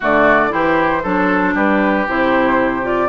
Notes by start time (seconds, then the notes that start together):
0.00 D3 A3 F#4 D5
0.49 E3 E4 G4 C5
1.02 F#3 D4 A4
1.54 G3 G4 B4
2.08 C3 E4 C5
2.82 F4 D5